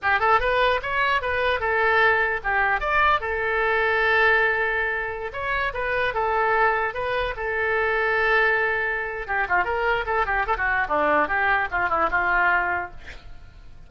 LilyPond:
\new Staff \with { instrumentName = "oboe" } { \time 4/4 \tempo 4 = 149 g'8 a'8 b'4 cis''4 b'4 | a'2 g'4 d''4 | a'1~ | a'4~ a'16 cis''4 b'4 a'8.~ |
a'4~ a'16 b'4 a'4.~ a'16~ | a'2. g'8 f'8 | ais'4 a'8 g'8 a'16 fis'8. d'4 | g'4 f'8 e'8 f'2 | }